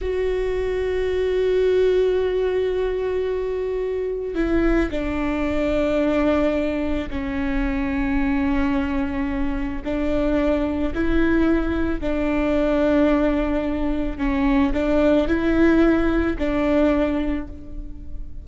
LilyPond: \new Staff \with { instrumentName = "viola" } { \time 4/4 \tempo 4 = 110 fis'1~ | fis'1 | e'4 d'2.~ | d'4 cis'2.~ |
cis'2 d'2 | e'2 d'2~ | d'2 cis'4 d'4 | e'2 d'2 | }